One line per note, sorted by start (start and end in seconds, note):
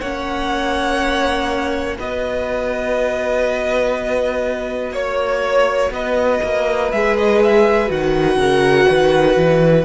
0.00 1.98 A#3
0.00 1.98 C#4
0.00 1.97 C#5
0.00 1.98 F#5
1.97 4.92 B3
1.97 6.90 F#4
1.97 4.92 B4
1.97 4.95 D#5
4.92 5.91 A#3
4.92 5.91 C#5
4.92 5.93 C#5
5.91 6.40 B3
5.91 8.39 B4
5.91 6.92 D#5
6.43 6.92 A#3
6.92 7.90 G#3
6.92 7.87 G#4
6.92 7.17 E5
7.18 7.43 D#5
7.44 7.91 E5
7.87 8.37 D#3
7.87 9.83 F#4
7.87 9.85 F#5
8.37 8.86 C#3
8.37 8.88 A#4
8.89 9.36 D#3
8.89 9.85 B4
9.36 9.85 E3